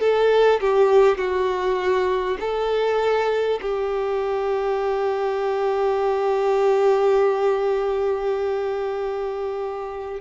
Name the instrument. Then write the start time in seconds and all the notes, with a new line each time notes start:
violin
0.00 A4
0.61 G4
1.18 F#4
2.40 A4
3.62 G4